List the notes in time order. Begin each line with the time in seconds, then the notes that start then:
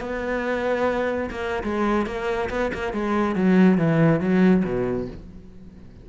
0.00 B3
1.30 A#3
1.63 G#3
2.06 A#3
2.49 B3
2.74 A#3
2.93 G#3
3.35 F#3
3.77 E3
4.20 F#3
4.64 B2